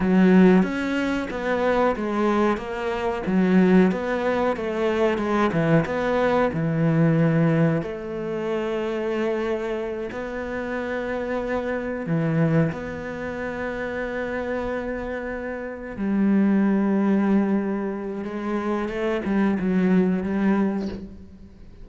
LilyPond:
\new Staff \with { instrumentName = "cello" } { \time 4/4 \tempo 4 = 92 fis4 cis'4 b4 gis4 | ais4 fis4 b4 a4 | gis8 e8 b4 e2 | a2.~ a8 b8~ |
b2~ b8 e4 b8~ | b1~ | b8 g2.~ g8 | gis4 a8 g8 fis4 g4 | }